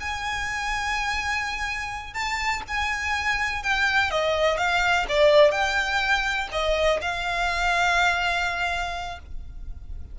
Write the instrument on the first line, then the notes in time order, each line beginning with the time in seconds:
violin
0.00 G#5
2.14 A5
2.68 G#5
3.63 G5
4.11 D#5
4.57 F5
5.09 D5
5.51 G5
6.52 D#5
7.01 F5